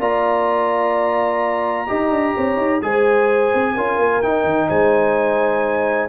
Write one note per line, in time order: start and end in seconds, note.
0.00 1.88 A#3
0.00 1.87 F4
0.00 1.88 D5
0.00 2.82 A#5
1.87 2.10 D#4
1.87 2.81 G4
1.87 2.35 D#5
2.10 2.34 D4
2.35 2.57 C4
2.35 2.82 C#5
2.57 2.81 D#4
2.82 3.54 G#3
2.82 3.76 G#4
2.82 3.75 C5
2.82 4.22 G#5
3.54 3.77 C4
3.75 3.99 C#4
3.75 4.23 F4
3.75 4.68 A#4
3.99 4.23 A#3
4.22 4.44 D#4
4.22 6.09 D#4
4.22 4.69 G5
4.44 4.68 D#3
4.68 6.09 G#3
4.68 6.09 C5
4.68 6.09 G#5